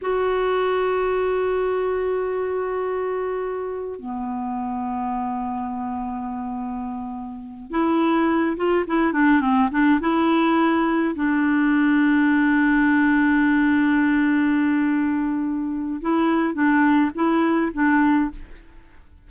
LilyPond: \new Staff \with { instrumentName = "clarinet" } { \time 4/4 \tempo 4 = 105 fis'1~ | fis'2. b4~ | b1~ | b4. e'4. f'8 e'8 |
d'8 c'8 d'8 e'2 d'8~ | d'1~ | d'1 | e'4 d'4 e'4 d'4 | }